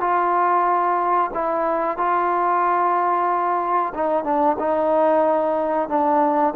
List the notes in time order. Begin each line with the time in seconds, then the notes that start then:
0.00 F4
1.34 E4
1.97 F4
3.94 D#4
4.23 D4
4.58 D#4
5.88 D4